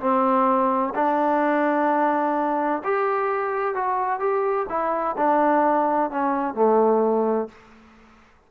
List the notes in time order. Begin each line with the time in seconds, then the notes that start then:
0.00 C4
0.95 D4
2.84 G4
3.75 F#4
4.20 G4
4.69 E4
5.17 D4
6.10 C#4
6.55 A3